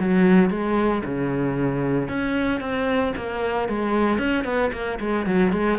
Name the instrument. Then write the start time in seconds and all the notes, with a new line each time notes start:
cello
0.00 F#3
0.50 G#3
1.05 C#3
2.09 C#4
2.61 C4
3.17 A#3
3.69 G#3
4.19 C#4
4.45 B3
4.73 A#3
5.00 G#3
5.27 F#3
5.53 G#3